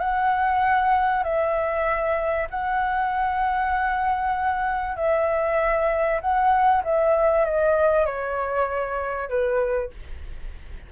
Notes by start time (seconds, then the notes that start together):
0.00 F#5
1.23 E5
2.50 F#5
4.96 E5
6.21 F#5
6.84 E5
7.45 D#5
8.06 C#5
9.29 B4